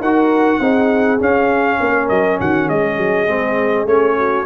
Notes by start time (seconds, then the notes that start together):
0.00 D#4 F#4 A#4 F#5
0.60 C4 D#4 G#4
1.20 C#4 F5
1.81 A#3 A#4
2.09 F#3 D#5
2.40 D#3 F#4 F#5
2.66 G#3 G#4 D#5
2.98 F#3
3.27 G#3 C4
3.86 A3 C#4 C#5
4.18 F#4